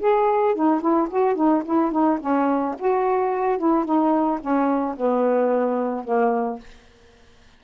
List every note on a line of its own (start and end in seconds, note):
0.00 0.55 G#4
0.55 0.81 D#4
0.81 1.09 E4
1.10 1.36 F#4
1.36 1.63 D#4
1.65 1.92 E4
1.92 2.19 D#4
2.20 2.75 C#4
2.79 3.58 F#4
3.58 3.85 E4
3.85 4.40 D#4
4.41 4.96 C#4
4.97 6.05 B3
6.05 6.60 A#3